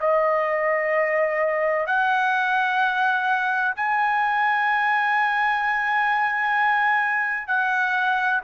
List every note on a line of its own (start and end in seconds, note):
0.00 1.87 D#5
1.87 3.74 F#5
3.76 7.47 G#5
7.47 8.41 F#5